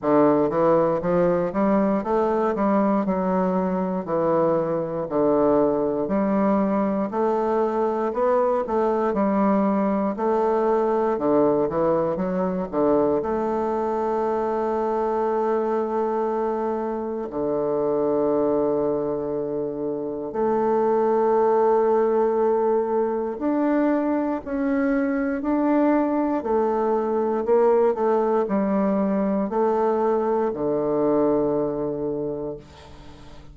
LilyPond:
\new Staff \with { instrumentName = "bassoon" } { \time 4/4 \tempo 4 = 59 d8 e8 f8 g8 a8 g8 fis4 | e4 d4 g4 a4 | b8 a8 g4 a4 d8 e8 | fis8 d8 a2.~ |
a4 d2. | a2. d'4 | cis'4 d'4 a4 ais8 a8 | g4 a4 d2 | }